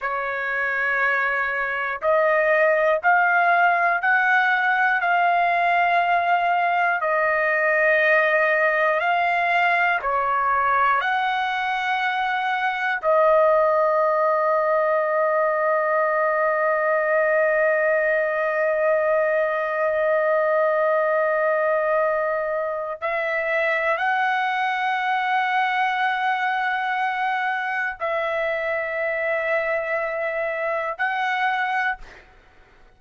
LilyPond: \new Staff \with { instrumentName = "trumpet" } { \time 4/4 \tempo 4 = 60 cis''2 dis''4 f''4 | fis''4 f''2 dis''4~ | dis''4 f''4 cis''4 fis''4~ | fis''4 dis''2.~ |
dis''1~ | dis''2. e''4 | fis''1 | e''2. fis''4 | }